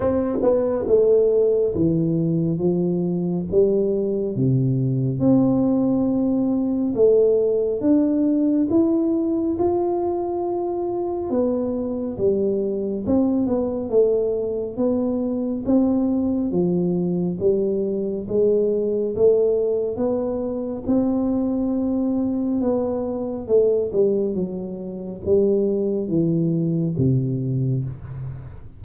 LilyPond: \new Staff \with { instrumentName = "tuba" } { \time 4/4 \tempo 4 = 69 c'8 b8 a4 e4 f4 | g4 c4 c'2 | a4 d'4 e'4 f'4~ | f'4 b4 g4 c'8 b8 |
a4 b4 c'4 f4 | g4 gis4 a4 b4 | c'2 b4 a8 g8 | fis4 g4 e4 c4 | }